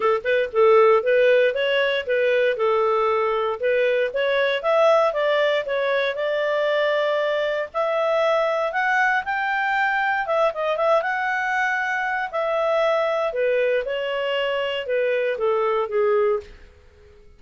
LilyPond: \new Staff \with { instrumentName = "clarinet" } { \time 4/4 \tempo 4 = 117 a'8 b'8 a'4 b'4 cis''4 | b'4 a'2 b'4 | cis''4 e''4 d''4 cis''4 | d''2. e''4~ |
e''4 fis''4 g''2 | e''8 dis''8 e''8 fis''2~ fis''8 | e''2 b'4 cis''4~ | cis''4 b'4 a'4 gis'4 | }